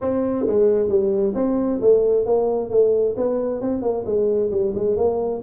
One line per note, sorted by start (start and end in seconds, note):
0.01 0.46 C4
0.46 0.88 G#3
0.88 1.33 G3
1.35 1.80 C4
1.81 2.25 A3
2.25 2.70 A#3
2.70 3.15 A3
3.17 3.61 B3
3.61 3.81 C4
3.81 4.04 A#3
4.05 4.50 G#3
4.51 4.73 G3
4.75 4.96 G#3
4.96 5.41 A#3